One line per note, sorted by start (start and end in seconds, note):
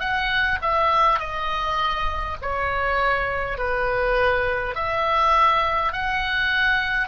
0.00 0.59 F#5
0.62 1.19 E5
1.19 2.37 D#5
2.42 3.58 C#5
3.58 4.75 B4
4.75 5.93 E5
5.93 7.08 F#5